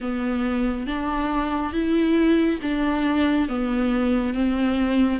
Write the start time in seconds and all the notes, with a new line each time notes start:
0.00 B3
0.86 D4
1.72 E4
2.62 D4
3.48 B3
4.34 C4